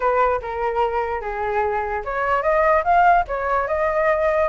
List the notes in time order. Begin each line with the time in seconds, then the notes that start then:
0.00 B4
0.42 A#4
1.21 G#4
2.04 C#5
2.42 D#5
2.84 F5
3.27 C#5
3.67 D#5